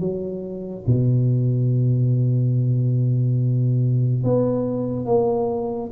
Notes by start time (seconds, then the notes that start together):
0.00 F#3
0.87 B2
4.24 B3
5.06 A#3